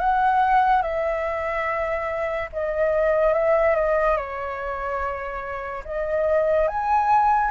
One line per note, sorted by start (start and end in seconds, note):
0.00 0.83 F#5
0.83 2.49 E5
2.53 3.34 D#5
3.34 3.76 E5
3.76 4.17 D#5
4.17 5.84 C#5
5.85 6.68 D#5
6.68 7.52 G#5